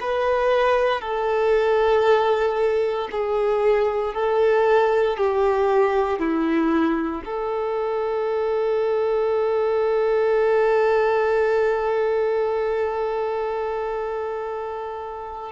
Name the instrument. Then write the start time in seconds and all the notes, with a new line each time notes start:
violin
0.00 B4
1.01 A4
3.11 G#4
4.14 A4
5.17 G4
6.19 E4
7.25 A4